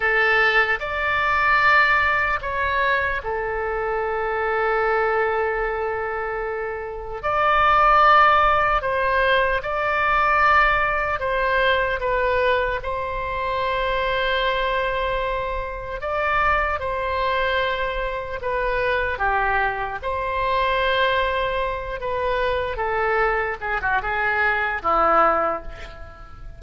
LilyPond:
\new Staff \with { instrumentName = "oboe" } { \time 4/4 \tempo 4 = 75 a'4 d''2 cis''4 | a'1~ | a'4 d''2 c''4 | d''2 c''4 b'4 |
c''1 | d''4 c''2 b'4 | g'4 c''2~ c''8 b'8~ | b'8 a'4 gis'16 fis'16 gis'4 e'4 | }